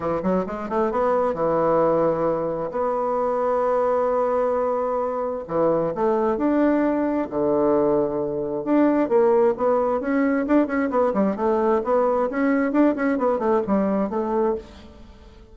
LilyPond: \new Staff \with { instrumentName = "bassoon" } { \time 4/4 \tempo 4 = 132 e8 fis8 gis8 a8 b4 e4~ | e2 b2~ | b1 | e4 a4 d'2 |
d2. d'4 | ais4 b4 cis'4 d'8 cis'8 | b8 g8 a4 b4 cis'4 | d'8 cis'8 b8 a8 g4 a4 | }